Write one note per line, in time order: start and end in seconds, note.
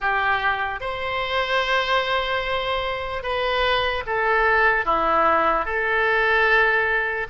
0.00 0.80 G4
0.80 3.22 C5
3.22 4.03 B4
4.06 4.85 A4
4.85 5.65 E4
5.65 7.27 A4